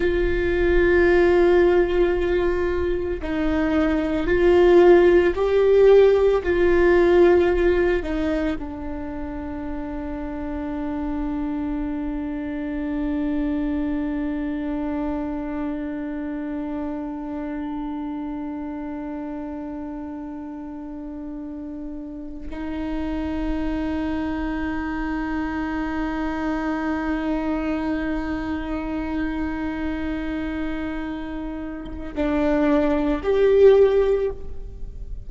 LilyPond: \new Staff \with { instrumentName = "viola" } { \time 4/4 \tempo 4 = 56 f'2. dis'4 | f'4 g'4 f'4. dis'8 | d'1~ | d'1~ |
d'1~ | d'4 dis'2.~ | dis'1~ | dis'2 d'4 g'4 | }